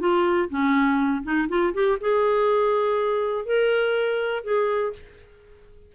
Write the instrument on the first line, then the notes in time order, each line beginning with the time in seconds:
clarinet
0.00 F4
0.50 C#4
1.24 D#4
1.49 F4
1.74 G4
2.01 G#4
3.46 A#4
4.44 G#4